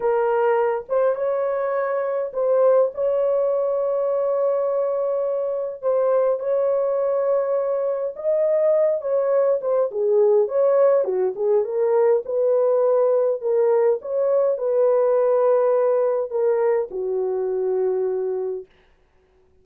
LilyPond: \new Staff \with { instrumentName = "horn" } { \time 4/4 \tempo 4 = 103 ais'4. c''8 cis''2 | c''4 cis''2.~ | cis''2 c''4 cis''4~ | cis''2 dis''4. cis''8~ |
cis''8 c''8 gis'4 cis''4 fis'8 gis'8 | ais'4 b'2 ais'4 | cis''4 b'2. | ais'4 fis'2. | }